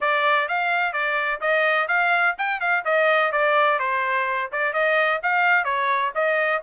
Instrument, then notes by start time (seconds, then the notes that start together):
trumpet
0.01 D5
0.48 F5
0.92 D5
1.40 D#5
1.88 F5
2.38 G5
2.60 F5
2.85 D#5
3.32 D5
3.79 C5
4.51 D5
4.73 D#5
5.22 F5
5.64 C#5
6.14 D#5